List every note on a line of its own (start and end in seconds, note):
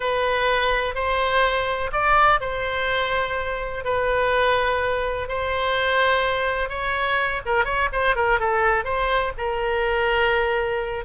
0.00 0.94 B4
0.94 1.90 C5
1.92 2.40 D5
2.40 3.84 C5
3.84 5.28 B4
5.28 6.69 C5
6.69 7.41 C#5
7.45 7.65 A#4
7.65 7.89 C#5
7.92 8.15 C5
8.15 8.39 A#4
8.39 8.84 A4
8.84 9.32 C5
9.37 11.04 A#4